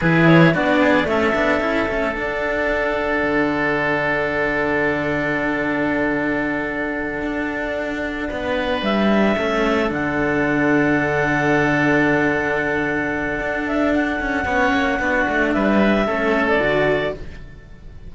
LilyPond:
<<
  \new Staff \with { instrumentName = "clarinet" } { \time 4/4 \tempo 4 = 112 b'8 cis''8 d''4 e''2 | fis''1~ | fis''1~ | fis''1~ |
fis''8 e''2 fis''4.~ | fis''1~ | fis''4. e''8 fis''2~ | fis''4 e''4.~ e''16 d''4~ d''16 | }
  \new Staff \with { instrumentName = "oboe" } { \time 4/4 gis'4 fis'8 gis'8 a'2~ | a'1~ | a'1~ | a'2.~ a'8 b'8~ |
b'4. a'2~ a'8~ | a'1~ | a'2. cis''4 | fis'4 b'4 a'2 | }
  \new Staff \with { instrumentName = "cello" } { \time 4/4 e'4 d'4 cis'8 d'8 e'8 cis'8 | d'1~ | d'1~ | d'1~ |
d'4. cis'4 d'4.~ | d'1~ | d'2. cis'4 | d'2 cis'4 fis'4 | }
  \new Staff \with { instrumentName = "cello" } { \time 4/4 e4 b4 a8 b8 cis'8 a8 | d'2 d2~ | d1~ | d4. d'2 b8~ |
b8 g4 a4 d4.~ | d1~ | d4 d'4. cis'8 b8 ais8 | b8 a8 g4 a4 d4 | }
>>